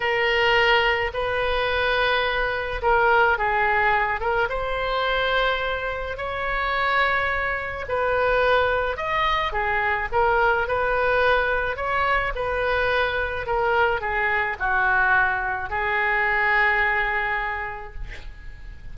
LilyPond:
\new Staff \with { instrumentName = "oboe" } { \time 4/4 \tempo 4 = 107 ais'2 b'2~ | b'4 ais'4 gis'4. ais'8 | c''2. cis''4~ | cis''2 b'2 |
dis''4 gis'4 ais'4 b'4~ | b'4 cis''4 b'2 | ais'4 gis'4 fis'2 | gis'1 | }